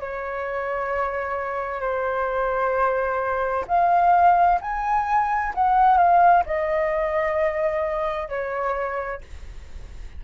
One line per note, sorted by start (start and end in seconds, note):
0.00 1.80 C#5
1.80 3.65 C5
3.68 4.60 F5
4.61 5.53 G#5
5.55 5.97 F#5
5.97 6.44 F5
6.46 8.29 D#5
8.29 9.21 C#5